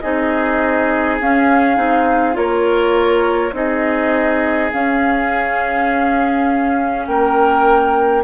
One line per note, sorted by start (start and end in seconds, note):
0.00 1.21 C4
0.00 1.21 D#4
0.00 2.37 G#4
0.00 1.18 D#5
1.21 1.78 C#4
1.21 1.77 C#4
1.21 2.37 F5
1.77 2.37 C4
1.77 2.34 D#4
2.34 3.53 A#3
2.34 3.51 F4
2.34 3.54 A#4
2.34 3.54 C#5
3.53 4.71 C4
3.53 4.71 D#4
3.53 7.08 G#4
3.53 4.73 D#5
4.73 8.24 C#4
4.73 7.08 C#4
4.73 7.06 F5
7.06 8.24 A#3
7.06 8.24 A#4
7.06 8.24 G5